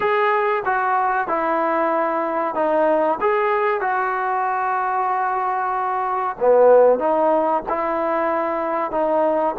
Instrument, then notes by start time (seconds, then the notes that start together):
trombone
0.00 G#4
0.65 F#4
1.27 E4
2.54 D#4
3.21 G#4
3.81 F#4
6.39 B3
6.99 D#4
7.69 E4
8.91 D#4